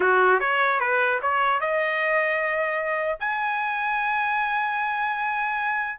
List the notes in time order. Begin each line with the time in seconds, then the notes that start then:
0.00 F#4
0.40 C#5
0.80 B4
1.22 C#5
1.60 D#5
3.19 G#5